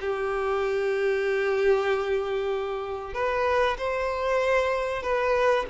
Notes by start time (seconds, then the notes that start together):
0.00 G4
3.13 B4
3.78 C5
5.02 B4